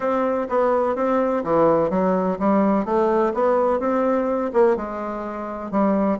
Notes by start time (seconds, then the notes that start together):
0.00 C4
0.49 B3
0.95 C4
1.44 E3
1.90 F#3
2.39 G3
2.85 A3
3.34 B3
3.79 C4
4.53 A#3
4.76 G#3
5.71 G3